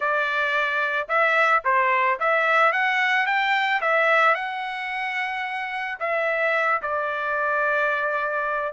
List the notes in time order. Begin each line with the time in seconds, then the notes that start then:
0.00 D5
1.08 E5
1.64 C5
2.19 E5
2.72 F#5
3.26 G5
3.81 E5
4.34 F#5
5.99 E5
6.82 D5